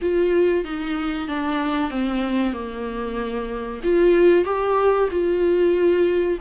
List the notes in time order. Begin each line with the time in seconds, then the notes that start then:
0.01 F4
0.64 D#4
1.28 D4
1.90 C4
2.53 A#3
3.83 F4
4.44 G4
5.10 F4